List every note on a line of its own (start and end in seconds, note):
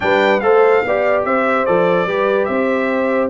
0.00 0.41 G3
0.00 0.41 D4
0.00 0.43 B4
0.00 0.40 G5
0.40 0.82 A3
0.40 0.84 A4
0.40 0.84 C5
0.40 1.22 F5
0.84 1.25 B3
0.84 1.66 G4
0.84 1.26 D5
1.24 1.66 C4
1.24 2.07 C5
1.24 1.65 E5
1.65 2.06 F3
1.65 2.07 A4
1.65 2.45 D5
2.06 2.47 G3
2.06 3.29 G4
2.06 2.48 B4
2.45 3.29 C4
2.45 3.29 C5
2.45 3.28 E5